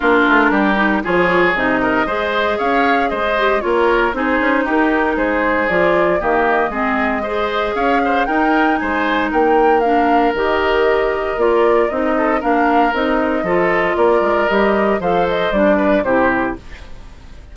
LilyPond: <<
  \new Staff \with { instrumentName = "flute" } { \time 4/4 \tempo 4 = 116 ais'2 cis''4 dis''4~ | dis''4 f''4 dis''4 cis''4 | c''4 ais'4 c''4 d''4 | dis''2. f''4 |
g''4 gis''4 g''4 f''4 | dis''2 d''4 dis''4 | f''4 dis''2 d''4 | dis''4 f''8 dis''8 d''4 c''4 | }
  \new Staff \with { instrumentName = "oboe" } { \time 4/4 f'4 g'4 gis'4. ais'8 | c''4 cis''4 c''4 ais'4 | gis'4 g'4 gis'2 | g'4 gis'4 c''4 cis''8 c''8 |
ais'4 c''4 ais'2~ | ais'2.~ ais'8 a'8 | ais'2 a'4 ais'4~ | ais'4 c''4. b'8 g'4 | }
  \new Staff \with { instrumentName = "clarinet" } { \time 4/4 d'4. dis'8 f'4 dis'4 | gis'2~ gis'8 g'8 f'4 | dis'2. f'4 | ais4 c'4 gis'2 |
dis'2. d'4 | g'2 f'4 dis'4 | d'4 dis'4 f'2 | g'4 a'4 d'4 e'4 | }
  \new Staff \with { instrumentName = "bassoon" } { \time 4/4 ais8 a8 g4 f4 c4 | gis4 cis'4 gis4 ais4 | c'8 cis'8 dis'4 gis4 f4 | dis4 gis2 cis'4 |
dis'4 gis4 ais2 | dis2 ais4 c'4 | ais4 c'4 f4 ais8 gis8 | g4 f4 g4 c4 | }
>>